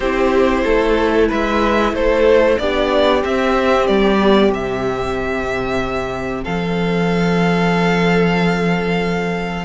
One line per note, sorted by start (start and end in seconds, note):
0.00 0.63 C4
0.00 2.60 E4
0.00 0.64 G4
0.00 1.26 C5
0.64 1.30 A3
0.64 1.28 A4
1.28 1.92 G#3
1.28 1.92 B4
1.28 1.94 E5
1.92 2.57 A3
1.92 2.60 A4
1.92 2.58 C5
2.58 3.23 B3
2.58 3.22 D4
2.58 6.43 G4
2.58 3.22 D5
3.22 4.18 C4
3.22 3.88 C4
3.22 3.87 E5
3.87 4.49 G3
3.87 4.51 D5
4.19 4.51 B3
4.49 6.42 C3
4.49 9.65 C4
4.49 6.44 E5
6.43 9.65 F3
6.43 9.65 A4
6.43 9.65 F5